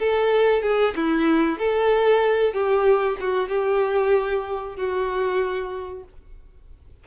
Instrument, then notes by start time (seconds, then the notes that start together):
violin
0.00 A4
0.63 G#4
0.96 E4
1.59 A4
2.54 G4
3.21 F#4
3.49 G4
4.77 F#4